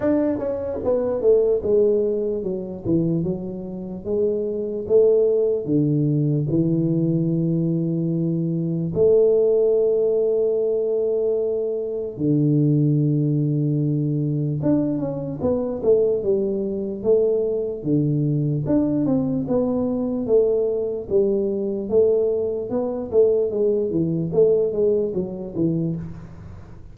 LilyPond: \new Staff \with { instrumentName = "tuba" } { \time 4/4 \tempo 4 = 74 d'8 cis'8 b8 a8 gis4 fis8 e8 | fis4 gis4 a4 d4 | e2. a4~ | a2. d4~ |
d2 d'8 cis'8 b8 a8 | g4 a4 d4 d'8 c'8 | b4 a4 g4 a4 | b8 a8 gis8 e8 a8 gis8 fis8 e8 | }